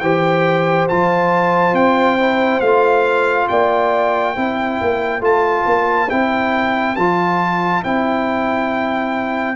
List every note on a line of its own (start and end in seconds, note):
0.00 0.88 E3
0.00 0.90 G4
0.00 3.50 C5
0.00 0.87 G5
0.89 1.73 F3
0.89 2.19 F4
0.89 1.75 A5
1.73 2.60 C4
1.73 2.61 G5
2.19 2.62 E4
2.61 3.48 A3
2.61 4.36 F4
2.61 3.48 F5
3.49 4.37 A#3
3.49 4.36 D5
3.49 5.22 G5
4.36 4.80 C4
4.36 5.21 E4
4.36 9.56 C5
4.81 5.20 A#3
5.20 5.64 A3
5.20 6.08 F4
5.20 6.10 A5
5.66 6.10 A#3
6.10 6.97 C4
6.10 6.97 E4
6.10 6.96 G5
6.96 7.84 F3
6.96 7.85 F4
6.96 7.83 A5
7.84 9.56 C4
7.84 9.56 E4
7.84 9.56 G5